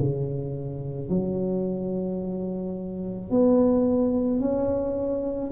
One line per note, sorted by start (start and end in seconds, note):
0.00 1.10 C#3
1.10 3.31 F#3
3.31 4.40 B3
4.40 5.52 C#4